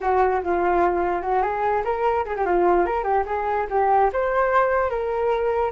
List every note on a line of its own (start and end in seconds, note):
0.01 0.41 F#4
0.43 1.22 F4
1.22 1.42 F#4
1.42 1.83 G#4
1.84 2.25 A#4
2.25 2.35 G#4
2.36 2.45 G4
2.45 2.86 F4
2.86 3.03 A#4
3.03 3.24 G4
3.26 3.67 G#4
3.69 4.10 G4
4.12 4.89 C5
4.89 5.71 A#4